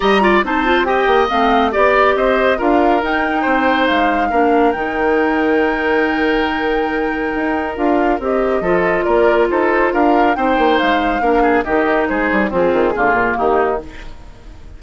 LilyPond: <<
  \new Staff \with { instrumentName = "flute" } { \time 4/4 \tempo 4 = 139 ais''4 a''4 g''4 f''4 | d''4 dis''4 f''4 g''4~ | g''4 f''2 g''4~ | g''1~ |
g''2 f''4 dis''4~ | dis''4 d''4 c''4 f''4 | g''4 f''2 dis''4 | c''4 gis'2 g'4 | }
  \new Staff \with { instrumentName = "oboe" } { \time 4/4 dis''8 d''8 c''4 dis''2 | d''4 c''4 ais'2 | c''2 ais'2~ | ais'1~ |
ais'1 | a'4 ais'4 a'4 ais'4 | c''2 ais'8 gis'8 g'4 | gis'4 c'4 f'4 dis'4 | }
  \new Staff \with { instrumentName = "clarinet" } { \time 4/4 g'8 f'8 dis'8 f'8 g'4 c'4 | g'2 f'4 dis'4~ | dis'2 d'4 dis'4~ | dis'1~ |
dis'2 f'4 g'4 | f'1 | dis'2 d'4 dis'4~ | dis'4 f'4 ais2 | }
  \new Staff \with { instrumentName = "bassoon" } { \time 4/4 g4 c'4. ais8 a4 | b4 c'4 d'4 dis'4 | c'4 gis4 ais4 dis4~ | dis1~ |
dis4 dis'4 d'4 c'4 | f4 ais4 dis'4 d'4 | c'8 ais8 gis4 ais4 dis4 | gis8 g8 f8 dis8 d8 ais,8 dis4 | }
>>